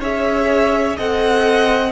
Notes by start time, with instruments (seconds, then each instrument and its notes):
0.00 cello C#4, viola G#4, violin C#5 E5
0.97 cello C4, viola A4, violin D#5 F#5